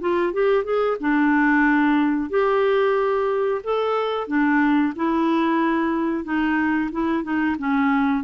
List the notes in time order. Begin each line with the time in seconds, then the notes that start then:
0.00 F4
0.33 G4
0.64 G#4
1.00 D4
2.29 G4
3.64 A4
4.27 D4
4.95 E4
6.24 D#4
6.92 E4
7.23 D#4
7.58 C#4